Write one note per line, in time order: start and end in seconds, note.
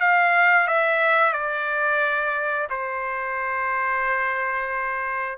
0.00 0.67 F5
0.67 1.33 E5
1.33 2.68 D5
2.70 5.38 C5